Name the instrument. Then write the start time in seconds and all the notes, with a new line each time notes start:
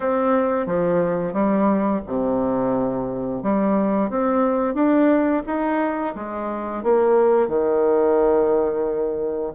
bassoon
0.00 C4
0.66 F3
1.33 G3
2.07 C3
3.42 G3
4.10 C4
4.74 D4
5.46 D#4
6.15 G#3
6.83 A#3
7.48 D#3